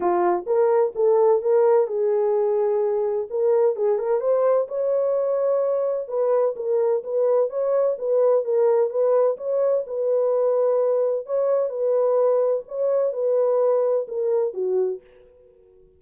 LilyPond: \new Staff \with { instrumentName = "horn" } { \time 4/4 \tempo 4 = 128 f'4 ais'4 a'4 ais'4 | gis'2. ais'4 | gis'8 ais'8 c''4 cis''2~ | cis''4 b'4 ais'4 b'4 |
cis''4 b'4 ais'4 b'4 | cis''4 b'2. | cis''4 b'2 cis''4 | b'2 ais'4 fis'4 | }